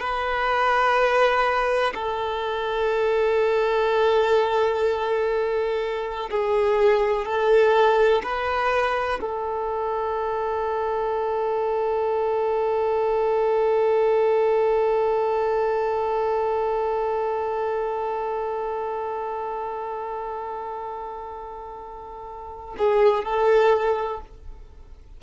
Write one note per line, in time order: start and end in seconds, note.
0.00 1.94 B4
1.95 6.30 A4
6.31 7.26 G#4
7.26 8.23 A4
8.23 9.20 B4
9.21 22.76 A4
22.79 23.25 G#4
23.25 24.22 A4